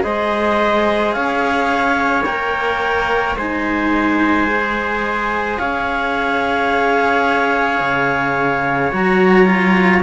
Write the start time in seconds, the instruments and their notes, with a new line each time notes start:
0.00 cello G#3 G#4, trumpet C5, clarinet D#5
1.12 cello C#4, trumpet C#5, clarinet F5
2.24 cello A#3 A#4, clarinet G5
3.36 cello G#3 D#4, trumpet C5, clarinet G#5
4.47 cello G#4
5.58 cello C#4, trumpet C#5, clarinet F5
7.80 cello C#3
8.92 cello F#3 F#4, clarinet A#5
9.46 cello F4